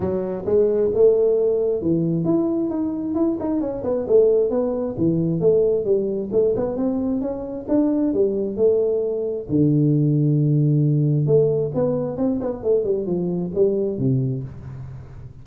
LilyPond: \new Staff \with { instrumentName = "tuba" } { \time 4/4 \tempo 4 = 133 fis4 gis4 a2 | e4 e'4 dis'4 e'8 dis'8 | cis'8 b8 a4 b4 e4 | a4 g4 a8 b8 c'4 |
cis'4 d'4 g4 a4~ | a4 d2.~ | d4 a4 b4 c'8 b8 | a8 g8 f4 g4 c4 | }